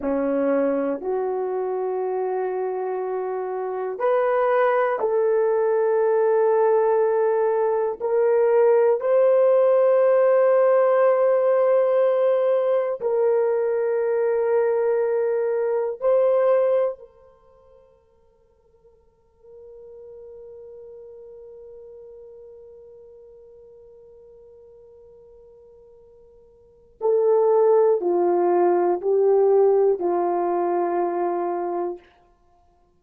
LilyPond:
\new Staff \with { instrumentName = "horn" } { \time 4/4 \tempo 4 = 60 cis'4 fis'2. | b'4 a'2. | ais'4 c''2.~ | c''4 ais'2. |
c''4 ais'2.~ | ais'1~ | ais'2. a'4 | f'4 g'4 f'2 | }